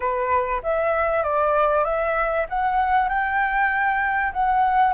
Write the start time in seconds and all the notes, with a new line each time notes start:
0.00 B4
0.62 E5
1.23 D5
1.84 E5
2.49 F#5
3.08 G5
4.32 F#5